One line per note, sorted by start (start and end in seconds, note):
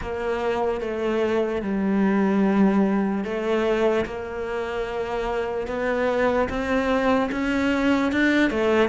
0.01 0.81 A#3
0.81 1.62 A3
1.62 3.24 G3
3.24 4.05 A3
4.05 5.67 A#3
5.67 6.48 B3
6.49 7.30 C4
7.31 8.12 C#4
8.12 8.50 D4
8.50 8.88 A3